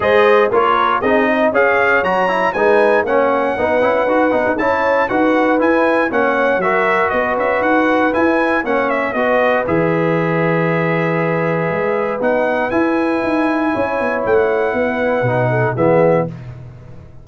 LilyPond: <<
  \new Staff \with { instrumentName = "trumpet" } { \time 4/4 \tempo 4 = 118 dis''4 cis''4 dis''4 f''4 | ais''4 gis''4 fis''2~ | fis''4 a''4 fis''4 gis''4 | fis''4 e''4 dis''8 e''8 fis''4 |
gis''4 fis''8 e''8 dis''4 e''4~ | e''1 | fis''4 gis''2. | fis''2. e''4 | }
  \new Staff \with { instrumentName = "horn" } { \time 4/4 c''4 ais'4 gis'8 dis''8 cis''4~ | cis''4 b'4 cis''4 b'4~ | b'4 cis''4 b'2 | cis''4 ais'4 b'2~ |
b'4 cis''4 b'2~ | b'1~ | b'2. cis''4~ | cis''4 b'4. a'8 gis'4 | }
  \new Staff \with { instrumentName = "trombone" } { \time 4/4 gis'4 f'4 dis'4 gis'4 | fis'8 e'8 dis'4 cis'4 dis'8 e'8 | fis'8 dis'8 e'4 fis'4 e'4 | cis'4 fis'2. |
e'4 cis'4 fis'4 gis'4~ | gis'1 | dis'4 e'2.~ | e'2 dis'4 b4 | }
  \new Staff \with { instrumentName = "tuba" } { \time 4/4 gis4 ais4 c'4 cis'4 | fis4 gis4 ais4 b8 cis'8 | dis'8 b16 dis'16 cis'4 dis'4 e'4 | ais4 fis4 b8 cis'8 dis'4 |
e'4 ais4 b4 e4~ | e2. gis4 | b4 e'4 dis'4 cis'8 b8 | a4 b4 b,4 e4 | }
>>